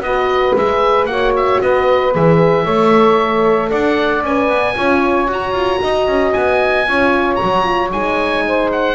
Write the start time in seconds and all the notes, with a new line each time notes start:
0.00 B3 F#4 B4 D#5
0.55 G#3 G#4 E5
1.05 A#3 F#4 C#5 F#5
1.36 E5
1.61 B3 B4 D#5
2.12 E3 G#4 E5
2.63 A3 A4 C#5
3.69 D4 D5 F#5
4.22 C#4 B4 G#5
4.48 B3
4.75 C#4 F4 C#5
5.27 F#4 A#5
5.52 F4
5.82 D#4 D#5
6.07 C#4
6.33 B3 G#5
6.87 C#4 F4 C#5
7.35 F#4 A#5
7.42 F#3
7.63 F4
7.92 G#3 D#4 G#5
8.47 C5
8.72 F#5